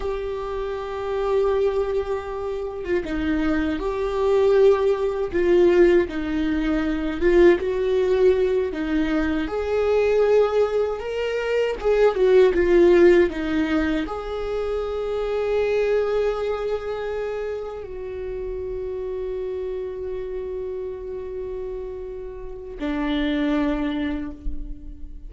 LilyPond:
\new Staff \with { instrumentName = "viola" } { \time 4/4 \tempo 4 = 79 g'2.~ g'8. f'16 | dis'4 g'2 f'4 | dis'4. f'8 fis'4. dis'8~ | dis'8 gis'2 ais'4 gis'8 |
fis'8 f'4 dis'4 gis'4.~ | gis'2.~ gis'8 fis'8~ | fis'1~ | fis'2 d'2 | }